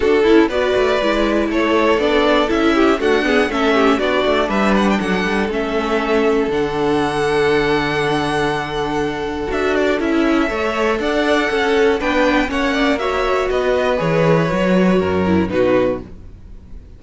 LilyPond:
<<
  \new Staff \with { instrumentName = "violin" } { \time 4/4 \tempo 4 = 120 a'4 d''2 cis''4 | d''4 e''4 fis''4 e''4 | d''4 e''8 fis''16 g''16 fis''4 e''4~ | e''4 fis''2.~ |
fis''2. e''8 d''8 | e''2 fis''2 | g''4 fis''4 e''4 dis''4 | cis''2. b'4 | }
  \new Staff \with { instrumentName = "violin" } { \time 4/4 fis'8 e'8 b'2 a'4~ | a'4. g'8 fis'8 gis'8 a'8 g'8 | fis'4 b'4 a'2~ | a'1~ |
a'1~ | a'4 cis''4 d''4 a'4 | b'4 cis''8 d''8 cis''4 b'4~ | b'2 ais'4 fis'4 | }
  \new Staff \with { instrumentName = "viola" } { \time 4/4 d'8 e'8 fis'4 e'2 | d'4 e'4 a8 b8 cis'4 | d'2. cis'4~ | cis'4 d'2.~ |
d'2. fis'4 | e'4 a'2. | d'4 cis'4 fis'2 | gis'4 fis'4. e'8 dis'4 | }
  \new Staff \with { instrumentName = "cello" } { \time 4/4 d'8 cis'8 b8 a8 gis4 a4 | b4 cis'4 d'4 a4 | b8 a8 g4 fis8 g8 a4~ | a4 d2.~ |
d2. d'4 | cis'4 a4 d'4 cis'4 | b4 ais2 b4 | e4 fis4 fis,4 b,4 | }
>>